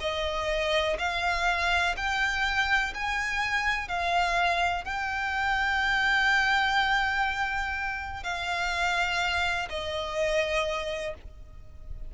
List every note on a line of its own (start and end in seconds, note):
0.00 0.97 D#5
0.99 1.95 F5
1.97 2.93 G5
2.94 3.88 G#5
3.88 4.85 F5
4.85 8.23 G5
8.23 9.69 F5
9.69 11.14 D#5